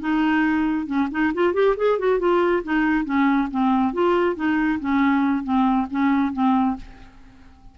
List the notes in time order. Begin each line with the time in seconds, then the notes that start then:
0.00 D#4
0.86 C#4
1.11 D#4
1.34 F4
1.54 G4
1.77 G#4
1.99 F#4
2.19 F4
2.63 D#4
3.05 C#4
3.51 C4
3.93 F4
4.36 D#4
4.80 C#4
5.43 C4
5.91 C#4
6.33 C4